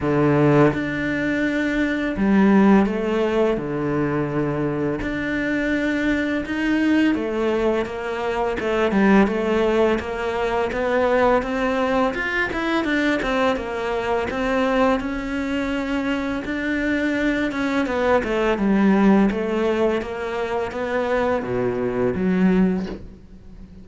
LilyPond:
\new Staff \with { instrumentName = "cello" } { \time 4/4 \tempo 4 = 84 d4 d'2 g4 | a4 d2 d'4~ | d'4 dis'4 a4 ais4 | a8 g8 a4 ais4 b4 |
c'4 f'8 e'8 d'8 c'8 ais4 | c'4 cis'2 d'4~ | d'8 cis'8 b8 a8 g4 a4 | ais4 b4 b,4 fis4 | }